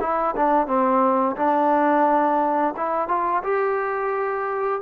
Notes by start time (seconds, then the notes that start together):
0.00 E4
0.36 D4
0.67 C4
1.36 D4
2.76 E4
3.08 F4
3.43 G4